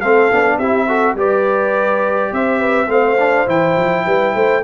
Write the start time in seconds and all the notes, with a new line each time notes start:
0.00 A3 C4 A4 F5
0.32 B3 D4
0.59 C4 E4 G4 E5
0.88 F#4 A4
1.15 G3 G4 B4 D5
2.33 C4 C5 E5
2.60 B4
2.88 A3 C4 C5 F5
3.19 D4
3.47 E3 E4 G5
3.78 F3
4.07 G3 B4
4.35 A3 C5